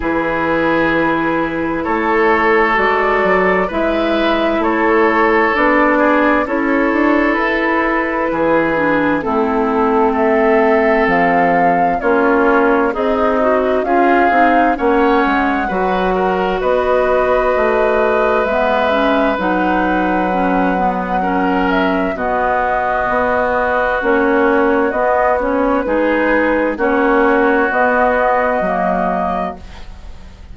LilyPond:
<<
  \new Staff \with { instrumentName = "flute" } { \time 4/4 \tempo 4 = 65 b'2 cis''4 d''4 | e''4 cis''4 d''4 cis''4 | b'2 a'4 e''4 | f''4 cis''4 dis''4 f''4 |
fis''2 dis''2 | e''4 fis''2~ fis''8 e''8 | dis''2 cis''4 dis''8 cis''8 | b'4 cis''4 dis''2 | }
  \new Staff \with { instrumentName = "oboe" } { \time 4/4 gis'2 a'2 | b'4 a'4. gis'8 a'4~ | a'4 gis'4 e'4 a'4~ | a'4 f'4 dis'4 gis'4 |
cis''4 b'8 ais'8 b'2~ | b'2. ais'4 | fis'1 | gis'4 fis'2. | }
  \new Staff \with { instrumentName = "clarinet" } { \time 4/4 e'2. fis'4 | e'2 d'4 e'4~ | e'4. d'8 c'2~ | c'4 cis'4 gis'8 fis'8 f'8 dis'8 |
cis'4 fis'2. | b8 cis'8 dis'4 cis'8 b8 cis'4 | b2 cis'4 b8 cis'8 | dis'4 cis'4 b4 ais4 | }
  \new Staff \with { instrumentName = "bassoon" } { \time 4/4 e2 a4 gis8 fis8 | gis4 a4 b4 cis'8 d'8 | e'4 e4 a2 | f4 ais4 c'4 cis'8 c'8 |
ais8 gis8 fis4 b4 a4 | gis4 fis2. | b,4 b4 ais4 b4 | gis4 ais4 b4 fis4 | }
>>